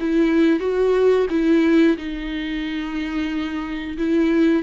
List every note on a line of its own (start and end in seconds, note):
0.00 0.60 E4
0.60 1.27 F#4
1.30 1.97 E4
1.97 3.97 D#4
3.98 4.63 E4